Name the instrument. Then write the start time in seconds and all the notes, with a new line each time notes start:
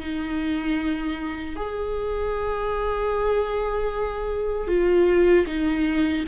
viola
0.00 D#4
1.56 G#4
4.68 F4
5.47 D#4